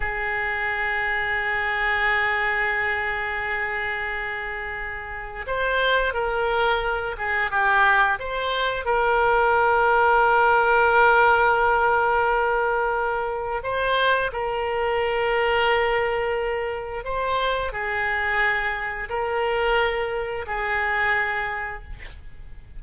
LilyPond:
\new Staff \with { instrumentName = "oboe" } { \time 4/4 \tempo 4 = 88 gis'1~ | gis'1 | c''4 ais'4. gis'8 g'4 | c''4 ais'2.~ |
ais'1 | c''4 ais'2.~ | ais'4 c''4 gis'2 | ais'2 gis'2 | }